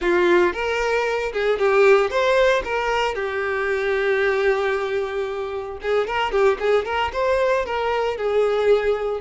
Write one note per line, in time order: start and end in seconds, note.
0.01 0.53 F4
0.53 1.32 A#4
1.32 1.58 G#4
1.58 2.10 G4
2.10 2.62 C5
2.64 3.14 A#4
3.14 5.78 G4
5.82 6.07 G#4
6.07 6.31 A#4
6.31 6.58 G4
6.59 6.85 G#4
6.85 7.11 A#4
7.12 7.65 C5
7.65 8.17 A#4
8.17 9.21 G#4